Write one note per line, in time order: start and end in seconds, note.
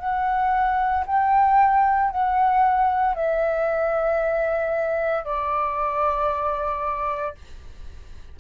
0.00 1.05 F#5
1.07 2.11 G5
2.11 3.15 F#5
3.15 5.25 E5
5.25 7.35 D5